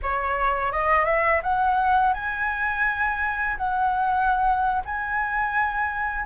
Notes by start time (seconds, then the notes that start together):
0.02 C#5
0.71 D#5
1.05 E5
1.43 F#5
2.13 G#5
3.57 F#5
4.85 G#5